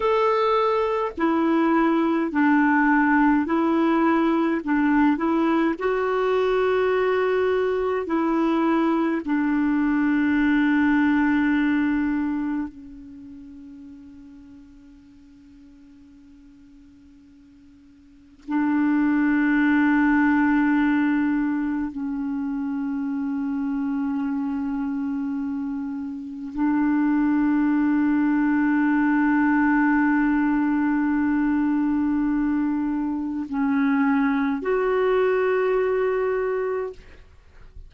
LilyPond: \new Staff \with { instrumentName = "clarinet" } { \time 4/4 \tempo 4 = 52 a'4 e'4 d'4 e'4 | d'8 e'8 fis'2 e'4 | d'2. cis'4~ | cis'1 |
d'2. cis'4~ | cis'2. d'4~ | d'1~ | d'4 cis'4 fis'2 | }